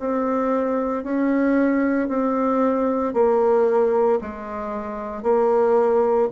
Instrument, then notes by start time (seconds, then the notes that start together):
bassoon
0.00 C4
1.03 C#4
2.09 C4
3.14 A#3
4.22 G#3
5.23 A#3